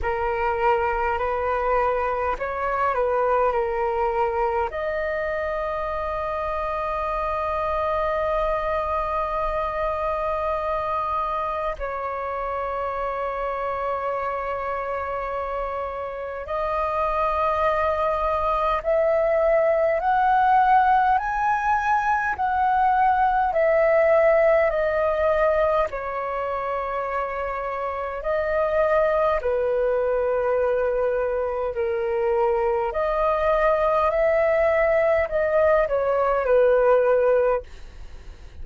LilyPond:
\new Staff \with { instrumentName = "flute" } { \time 4/4 \tempo 4 = 51 ais'4 b'4 cis''8 b'8 ais'4 | dis''1~ | dis''2 cis''2~ | cis''2 dis''2 |
e''4 fis''4 gis''4 fis''4 | e''4 dis''4 cis''2 | dis''4 b'2 ais'4 | dis''4 e''4 dis''8 cis''8 b'4 | }